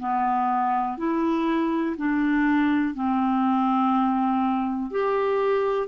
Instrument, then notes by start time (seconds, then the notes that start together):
clarinet
0.00 B3
0.98 E4
1.98 D4
2.95 C4
4.91 G4